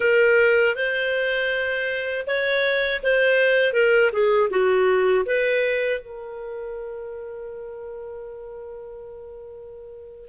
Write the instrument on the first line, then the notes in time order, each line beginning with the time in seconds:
clarinet
0.00 A#4
0.75 C5
2.26 C#5
3.03 C5
3.73 A#4
4.12 G#4
4.50 F#4
5.25 B4
6.00 A#4